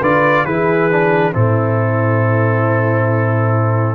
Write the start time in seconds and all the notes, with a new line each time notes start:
0.00 D3 F4 B4 D5
0.45 E3 E4 G#4 B4
0.90 D4
1.32 A2 C4 E4 A4